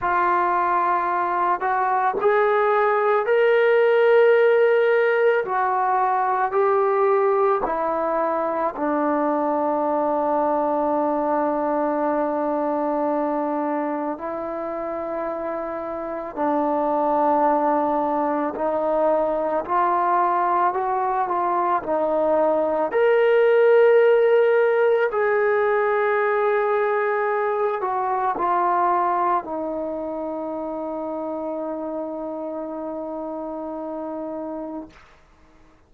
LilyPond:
\new Staff \with { instrumentName = "trombone" } { \time 4/4 \tempo 4 = 55 f'4. fis'8 gis'4 ais'4~ | ais'4 fis'4 g'4 e'4 | d'1~ | d'4 e'2 d'4~ |
d'4 dis'4 f'4 fis'8 f'8 | dis'4 ais'2 gis'4~ | gis'4. fis'8 f'4 dis'4~ | dis'1 | }